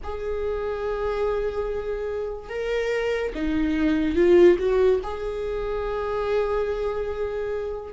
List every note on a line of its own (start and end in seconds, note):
0.03 2.49 G#4
2.49 3.32 A#4
3.34 4.15 D#4
4.15 4.57 F4
4.58 5.00 F#4
5.03 7.93 G#4